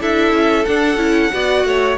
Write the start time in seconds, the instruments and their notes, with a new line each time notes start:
0.00 cello D4, viola E4, violin A4 E5
0.32 cello C#4
0.65 cello D4, viola D4, violin F#5
0.96 cello C#4, viola E4
1.32 cello B3, viola F#4, violin D5
1.64 cello A3, violin C#5